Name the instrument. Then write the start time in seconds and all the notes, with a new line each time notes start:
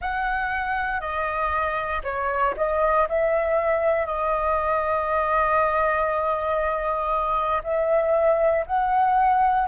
flute
0.01 F#5
1.00 D#5
2.03 C#5
2.57 D#5
3.08 E5
4.05 D#5
7.63 E5
8.66 F#5